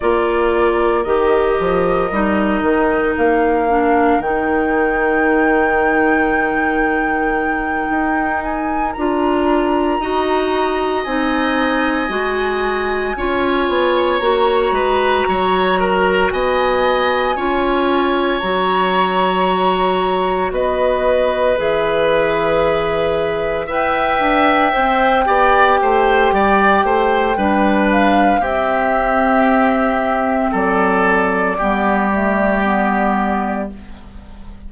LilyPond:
<<
  \new Staff \with { instrumentName = "flute" } { \time 4/4 \tempo 4 = 57 d''4 dis''2 f''4 | g''1 | gis''8 ais''2 gis''4.~ | gis''4. ais''2 gis''8~ |
gis''4. ais''2 dis''8~ | dis''8 e''2 g''4.~ | g''2~ g''8 f''8 e''4~ | e''4 d''2. | }
  \new Staff \with { instrumentName = "oboe" } { \time 4/4 ais'1~ | ais'1~ | ais'4. dis''2~ dis''8~ | dis''8 cis''4. b'8 cis''8 ais'8 dis''8~ |
dis''8 cis''2. b'8~ | b'2~ b'8 e''4. | d''8 c''8 d''8 c''8 b'4 g'4~ | g'4 a'4 g'2 | }
  \new Staff \with { instrumentName = "clarinet" } { \time 4/4 f'4 g'4 dis'4. d'8 | dis'1~ | dis'8 f'4 fis'4 dis'4 fis'8~ | fis'8 f'4 fis'2~ fis'8~ |
fis'8 f'4 fis'2~ fis'8~ | fis'8 gis'2 b'4 c''8 | g'2 d'4 c'4~ | c'2 b8 a8 b4 | }
  \new Staff \with { instrumentName = "bassoon" } { \time 4/4 ais4 dis8 f8 g8 dis8 ais4 | dis2.~ dis8 dis'8~ | dis'8 d'4 dis'4 c'4 gis8~ | gis8 cis'8 b8 ais8 gis8 fis4 b8~ |
b8 cis'4 fis2 b8~ | b8 e2 e'8 d'8 c'8 | b8 a8 g8 a8 g4 c'4~ | c'4 fis4 g2 | }
>>